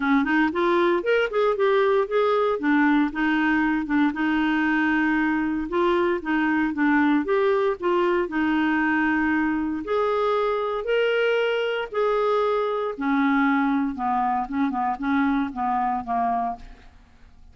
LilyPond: \new Staff \with { instrumentName = "clarinet" } { \time 4/4 \tempo 4 = 116 cis'8 dis'8 f'4 ais'8 gis'8 g'4 | gis'4 d'4 dis'4. d'8 | dis'2. f'4 | dis'4 d'4 g'4 f'4 |
dis'2. gis'4~ | gis'4 ais'2 gis'4~ | gis'4 cis'2 b4 | cis'8 b8 cis'4 b4 ais4 | }